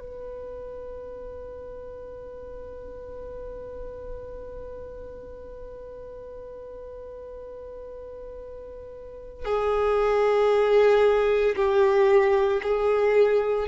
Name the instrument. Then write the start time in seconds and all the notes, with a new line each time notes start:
violin
0.00 B4
9.45 G#4
11.56 G4
12.63 G#4